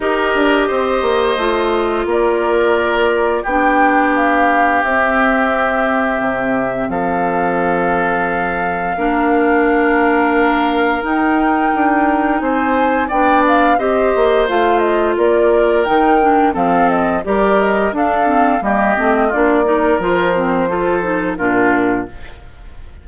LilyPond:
<<
  \new Staff \with { instrumentName = "flute" } { \time 4/4 \tempo 4 = 87 dis''2. d''4~ | d''4 g''4 f''4 e''4~ | e''2 f''2~ | f''1 |
g''2 gis''4 g''8 f''8 | dis''4 f''8 dis''8 d''4 g''4 | f''8 dis''8 d''8 dis''8 f''4 dis''4 | d''4 c''2 ais'4 | }
  \new Staff \with { instrumentName = "oboe" } { \time 4/4 ais'4 c''2 ais'4~ | ais'4 g'2.~ | g'2 a'2~ | a'4 ais'2.~ |
ais'2 c''4 d''4 | c''2 ais'2 | a'4 ais'4 a'4 g'4 | f'8 ais'4. a'4 f'4 | }
  \new Staff \with { instrumentName = "clarinet" } { \time 4/4 g'2 f'2~ | f'4 d'2 c'4~ | c'1~ | c'4 d'2. |
dis'2. d'4 | g'4 f'2 dis'8 d'8 | c'4 g'4 d'8 c'8 ais8 c'8 | d'8 dis'8 f'8 c'8 f'8 dis'8 d'4 | }
  \new Staff \with { instrumentName = "bassoon" } { \time 4/4 dis'8 d'8 c'8 ais8 a4 ais4~ | ais4 b2 c'4~ | c'4 c4 f2~ | f4 ais2. |
dis'4 d'4 c'4 b4 | c'8 ais8 a4 ais4 dis4 | f4 g4 d'4 g8 a8 | ais4 f2 ais,4 | }
>>